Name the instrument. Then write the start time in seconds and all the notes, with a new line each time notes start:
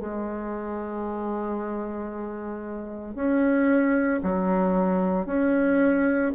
bassoon
0.00 G#3
3.15 C#4
4.23 F#3
5.26 C#4